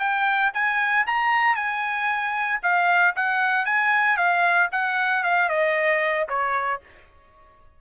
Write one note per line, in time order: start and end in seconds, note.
0.00 0.52 G5
0.54 1.06 G#5
1.07 1.56 A#5
1.56 2.60 G#5
2.63 3.15 F5
3.16 3.66 F#5
3.66 4.17 G#5
4.17 4.70 F5
4.72 5.24 F#5
5.24 5.49 F5
5.49 6.28 D#5
6.29 6.81 C#5